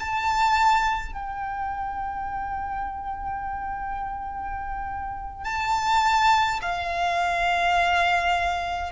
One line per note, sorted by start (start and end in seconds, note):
0.00 1.13 A5
1.13 5.45 G5
5.45 6.60 A5
6.62 8.93 F5